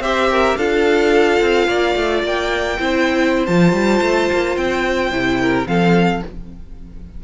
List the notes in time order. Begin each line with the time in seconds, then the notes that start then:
0.00 C4 G4 C5 E5
0.31 A#4
0.57 D4 F4 A4 F5
1.40 C4
1.67 A#3 D5
1.96 A3
2.23 A#3 G5
2.79 C4 E4 C5
3.46 F3 F4 A5
3.73 G3
4.01 A3
4.32 A#3
4.57 C4 G5
5.11 C3 E4
5.41 A#4
5.65 F3 C4 A4 F5